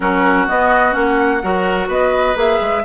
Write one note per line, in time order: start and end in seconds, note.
0.00 0.46 F#3
0.00 0.47 C#4
0.00 1.42 F#4
0.00 0.48 A#4
0.47 0.91 B3
0.47 0.95 B3
0.47 0.94 D#5
0.91 1.42 A#3
0.91 1.39 C#4
0.91 1.88 F#5
1.42 1.87 F#3
1.42 2.35 F#4
1.42 1.87 A#4
1.87 2.35 B3
1.87 2.82 B4
1.87 2.37 D#5
2.35 2.59 A#3
2.35 2.82 G#4
2.35 2.84 E5
2.60 2.84 G#3